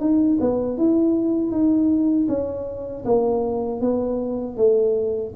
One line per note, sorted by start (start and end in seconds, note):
0.00 0.38 D#4
0.40 0.78 B3
0.78 1.51 E4
1.51 2.27 D#4
2.29 3.04 C#4
3.05 3.81 A#3
3.81 4.57 B3
4.57 5.33 A3